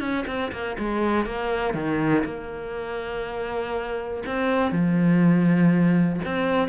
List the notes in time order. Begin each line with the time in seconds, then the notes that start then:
0.00 C#4
0.27 C4
0.52 A#3
0.78 G#3
1.26 A#3
1.74 D#3
2.25 A#3
4.26 C4
4.72 F3
6.25 C4